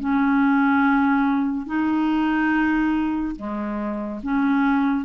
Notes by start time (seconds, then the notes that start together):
0.00 C#4
1.66 D#4
3.36 G#3
4.23 C#4